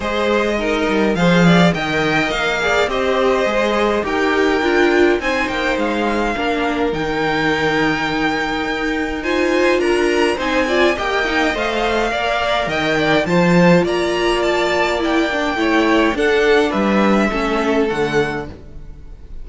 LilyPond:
<<
  \new Staff \with { instrumentName = "violin" } { \time 4/4 \tempo 4 = 104 dis''2 f''4 g''4 | f''4 dis''2 g''4~ | g''4 gis''8 g''8 f''2 | g''1 |
gis''4 ais''4 gis''4 g''4 | f''2 g''4 a''4 | ais''4 a''4 g''2 | fis''4 e''2 fis''4 | }
  \new Staff \with { instrumentName = "violin" } { \time 4/4 c''4 ais'4 c''8 d''8 dis''4~ | dis''8 d''8 c''2 ais'4~ | ais'4 c''2 ais'4~ | ais'1 |
c''4 ais'4 c''8 d''8 dis''4~ | dis''4 d''4 dis''8 d''8 c''4 | d''2. cis''4 | a'4 b'4 a'2 | }
  \new Staff \with { instrumentName = "viola" } { \time 4/4 gis'4 dis'4 gis'4 ais'4~ | ais'8 gis'8 g'4 gis'4 g'4 | f'4 dis'2 d'4 | dis'1 |
f'2 dis'8 f'8 g'8 dis'8 | c''4 ais'2 f'4~ | f'2 e'8 d'8 e'4 | d'2 cis'4 a4 | }
  \new Staff \with { instrumentName = "cello" } { \time 4/4 gis4. g8 f4 dis4 | ais4 c'4 gis4 dis'4 | d'4 c'8 ais8 gis4 ais4 | dis2. dis'4~ |
dis'4 d'4 c'4 ais4 | a4 ais4 dis4 f4 | ais2. a4 | d'4 g4 a4 d4 | }
>>